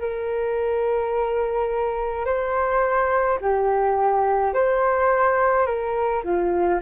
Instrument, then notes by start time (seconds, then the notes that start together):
flute
0.00 A#4
2.25 C5
3.41 G4
4.54 C5
5.66 A#4
6.24 F4